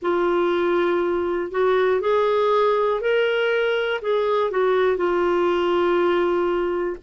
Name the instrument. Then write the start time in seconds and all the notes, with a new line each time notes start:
clarinet
0.02 F4
1.50 F#4
2.00 G#4
3.00 A#4
4.01 G#4
4.50 F#4
4.96 F4